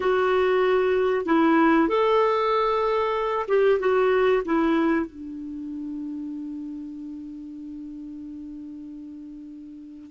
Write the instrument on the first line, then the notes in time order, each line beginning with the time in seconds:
clarinet
0.00 F#4
1.25 E4
1.88 A4
3.47 G4
3.79 F#4
4.45 E4
5.06 D4